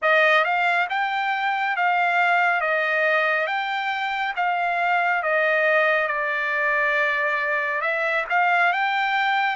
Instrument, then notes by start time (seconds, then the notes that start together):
trumpet
0.02 D#5
0.44 F5
0.89 G5
1.76 F5
2.60 D#5
3.46 G5
4.36 F5
5.23 D#5
6.07 D5
7.81 E5
8.29 F5
8.72 G5